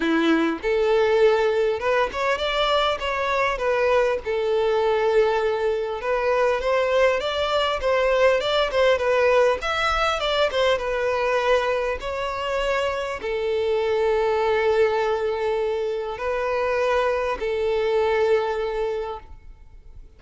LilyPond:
\new Staff \with { instrumentName = "violin" } { \time 4/4 \tempo 4 = 100 e'4 a'2 b'8 cis''8 | d''4 cis''4 b'4 a'4~ | a'2 b'4 c''4 | d''4 c''4 d''8 c''8 b'4 |
e''4 d''8 c''8 b'2 | cis''2 a'2~ | a'2. b'4~ | b'4 a'2. | }